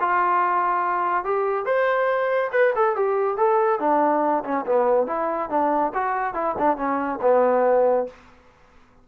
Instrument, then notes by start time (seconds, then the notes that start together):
trombone
0.00 F4
1.25 G4
1.66 C5
2.52 B4
2.75 A4
2.96 G4
3.37 A4
3.80 D4
4.44 C#4
4.66 B3
5.07 E4
5.50 D4
5.94 F#4
6.34 E4
6.58 D4
6.77 C#4
7.22 B3